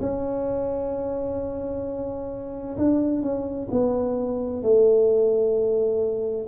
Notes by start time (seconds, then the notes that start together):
0.00 C#4
2.77 D4
3.22 C#4
3.71 B3
4.62 A3